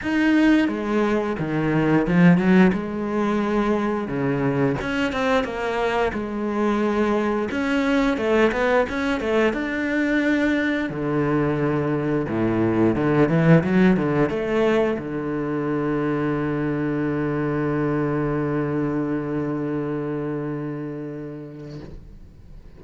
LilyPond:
\new Staff \with { instrumentName = "cello" } { \time 4/4 \tempo 4 = 88 dis'4 gis4 dis4 f8 fis8 | gis2 cis4 cis'8 c'8 | ais4 gis2 cis'4 | a8 b8 cis'8 a8 d'2 |
d2 a,4 d8 e8 | fis8 d8 a4 d2~ | d1~ | d1 | }